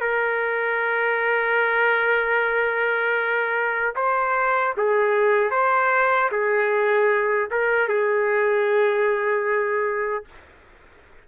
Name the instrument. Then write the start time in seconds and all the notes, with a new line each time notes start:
trumpet
0.00 A#4
3.95 C5
4.77 G#4
5.50 C5
6.31 G#4
7.50 A#4
7.88 G#4